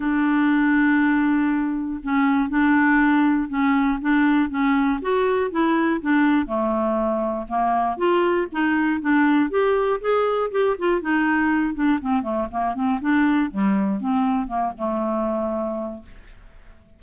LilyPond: \new Staff \with { instrumentName = "clarinet" } { \time 4/4 \tempo 4 = 120 d'1 | cis'4 d'2 cis'4 | d'4 cis'4 fis'4 e'4 | d'4 a2 ais4 |
f'4 dis'4 d'4 g'4 | gis'4 g'8 f'8 dis'4. d'8 | c'8 a8 ais8 c'8 d'4 g4 | c'4 ais8 a2~ a8 | }